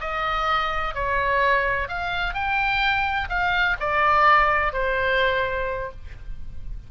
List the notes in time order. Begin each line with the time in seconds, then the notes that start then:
0.00 D#5
0.94 C#5
1.88 F5
2.34 G5
3.29 F5
3.80 D5
4.73 C5